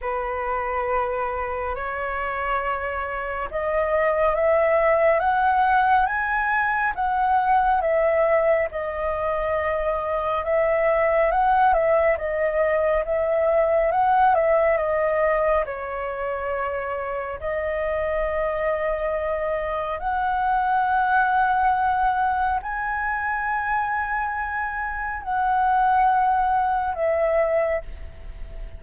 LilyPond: \new Staff \with { instrumentName = "flute" } { \time 4/4 \tempo 4 = 69 b'2 cis''2 | dis''4 e''4 fis''4 gis''4 | fis''4 e''4 dis''2 | e''4 fis''8 e''8 dis''4 e''4 |
fis''8 e''8 dis''4 cis''2 | dis''2. fis''4~ | fis''2 gis''2~ | gis''4 fis''2 e''4 | }